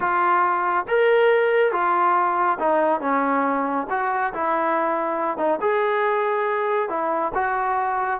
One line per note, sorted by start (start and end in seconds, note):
0.00 0.86 F4
0.88 1.72 A#4
1.72 2.58 F4
2.59 3.00 D#4
3.00 3.87 C#4
3.89 4.33 F#4
4.33 5.37 E4
5.37 5.59 D#4
5.60 6.89 G#4
6.89 7.32 E4
7.34 8.20 F#4